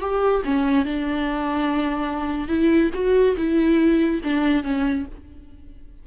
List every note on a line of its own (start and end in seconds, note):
0.00 0.42 G4
0.44 0.85 C#4
0.85 2.48 D4
2.48 2.90 E4
2.94 3.36 F#4
3.37 4.21 E4
4.23 4.63 D4
4.63 5.05 C#4